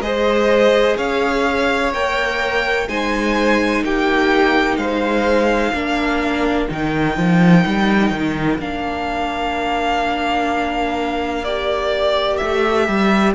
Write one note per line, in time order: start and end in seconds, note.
0.00 0.95 G#3
0.00 1.92 G#4
0.00 0.96 C5
0.00 0.97 D#5
0.96 1.93 C#4
0.96 2.87 C#5
0.96 1.92 F5
1.93 2.88 A#3
1.93 2.88 A#4
1.93 2.88 G5
2.88 3.83 G#3
2.88 5.74 D#4
2.88 3.84 C5
2.88 3.84 G#5
3.83 4.77 A#3
3.83 4.79 G4
3.83 4.77 G5
4.77 5.72 G#3
4.77 5.73 C5
4.77 6.67 F5
5.73 6.68 A#3
5.73 6.68 D4
5.73 13.34 A#4
6.68 7.17 D#3
6.68 8.59 D#4
6.68 8.60 G5
7.17 7.65 F3
7.66 8.11 G3
8.11 8.58 D#3
8.59 12.40 A#3
8.59 11.45 D4
8.59 11.44 F5
11.44 13.34 G4
11.44 12.37 D5
12.37 12.88 A3
12.37 13.32 E5
12.88 13.34 G3